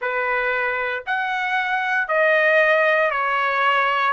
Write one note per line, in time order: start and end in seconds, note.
0.00 1.04 B4
1.06 2.08 F#5
2.08 3.10 D#5
3.10 4.13 C#5